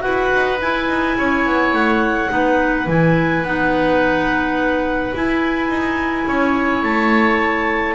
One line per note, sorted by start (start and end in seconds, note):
0.00 0.33 E4
0.00 0.57 F#4
0.00 1.17 B4
0.00 0.58 F#5
0.34 0.62 D#4
0.62 0.89 E4
0.62 2.29 E4
0.62 1.75 G#5
0.89 1.17 D#4
1.18 1.46 C#4
1.18 2.31 C#5
1.46 1.73 B3
1.73 2.30 A3
1.73 2.88 F#5
2.29 2.87 B3
2.29 2.86 D#4
2.29 6.28 B4
2.87 3.43 E3
2.87 3.44 E4
2.87 3.45 G#5
3.43 5.13 B3
3.43 5.15 D#4
3.43 5.15 F#5
5.15 5.69 E4
5.15 7.96 E4
5.15 6.84 G#5
5.69 6.25 D#4
6.27 6.83 C#4
6.27 7.96 C#5
6.83 7.96 A3
6.83 7.96 A5